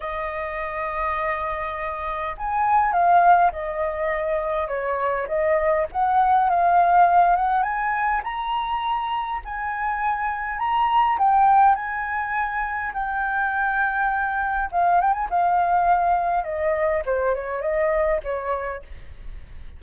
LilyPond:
\new Staff \with { instrumentName = "flute" } { \time 4/4 \tempo 4 = 102 dis''1 | gis''4 f''4 dis''2 | cis''4 dis''4 fis''4 f''4~ | f''8 fis''8 gis''4 ais''2 |
gis''2 ais''4 g''4 | gis''2 g''2~ | g''4 f''8 g''16 gis''16 f''2 | dis''4 c''8 cis''8 dis''4 cis''4 | }